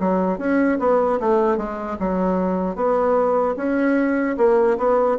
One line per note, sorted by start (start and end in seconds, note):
0.00 0.39 F#3
0.39 0.79 C#4
0.80 1.20 B3
1.21 1.58 A3
1.58 1.98 G#3
2.00 2.76 F#3
2.76 3.56 B3
3.57 4.37 C#4
4.38 4.78 A#3
4.78 5.18 B3